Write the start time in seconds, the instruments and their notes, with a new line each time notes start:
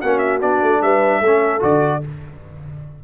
0.00 tuba A#3, trombone C#4, horn F#4, trumpet F#5
0.19 trumpet E5
0.42 tuba B3, trombone D4, trumpet D5
0.62 tuba A3
0.82 tuba G3, horn B4, trumpet E5
1.21 tuba A3, trombone C#4, horn A4
1.60 tuba D3, trombone F#4, trumpet D5